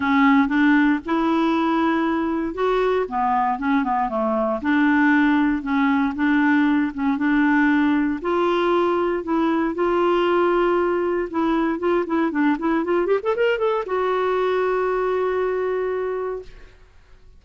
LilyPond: \new Staff \with { instrumentName = "clarinet" } { \time 4/4 \tempo 4 = 117 cis'4 d'4 e'2~ | e'4 fis'4 b4 cis'8 b8 | a4 d'2 cis'4 | d'4. cis'8 d'2 |
f'2 e'4 f'4~ | f'2 e'4 f'8 e'8 | d'8 e'8 f'8 g'16 a'16 ais'8 a'8 fis'4~ | fis'1 | }